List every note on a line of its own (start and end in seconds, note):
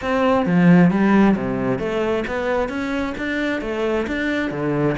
0.01 0.46 C4
0.46 0.90 F3
0.90 1.35 G3
1.36 1.78 C3
1.78 2.24 A3
2.27 2.68 B3
2.68 3.14 C#4
3.17 3.61 D4
3.61 4.06 A3
4.07 4.50 D4
4.50 4.95 D3